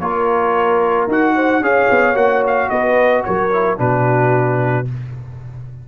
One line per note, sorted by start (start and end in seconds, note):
0.00 1.07 A#3
0.00 1.10 F4
0.00 1.35 A#4
0.00 1.08 C#5
1.07 1.61 D#4
1.07 1.63 F#4
1.07 1.64 F#5
1.36 1.62 C5
1.61 1.88 C#4
1.61 2.15 G#4
1.61 2.70 C#5
1.61 2.17 F5
1.91 2.15 B3
2.15 2.69 A#3
2.15 3.50 F#4
2.15 2.44 F#5
2.47 2.70 F5
2.70 3.25 B3
2.70 3.25 B4
2.70 3.24 D#5
3.25 3.80 F#3
3.25 3.80 A#4
3.25 3.79 C#5
3.54 3.77 E4
3.77 4.88 B2
3.77 4.86 D4
3.77 4.88 F#4
3.77 4.88 B4